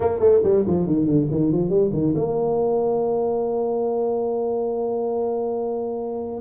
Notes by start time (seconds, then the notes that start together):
0.00 A#3
0.19 A3
0.43 G3
0.66 F3
0.86 D#3
1.06 D3
1.31 D#3
1.52 F3
1.69 G3
1.92 D#3
2.15 A#3